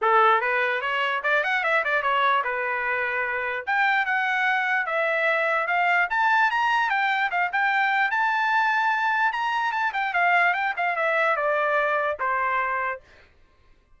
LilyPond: \new Staff \with { instrumentName = "trumpet" } { \time 4/4 \tempo 4 = 148 a'4 b'4 cis''4 d''8 fis''8 | e''8 d''8 cis''4 b'2~ | b'4 g''4 fis''2 | e''2 f''4 a''4 |
ais''4 g''4 f''8 g''4. | a''2. ais''4 | a''8 g''8 f''4 g''8 f''8 e''4 | d''2 c''2 | }